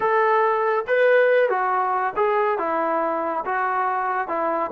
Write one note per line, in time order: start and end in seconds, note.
0.00 0.85 A4
0.87 1.49 B4
1.49 2.13 F#4
2.16 2.58 G#4
2.58 3.44 E4
3.45 4.27 F#4
4.27 4.70 E4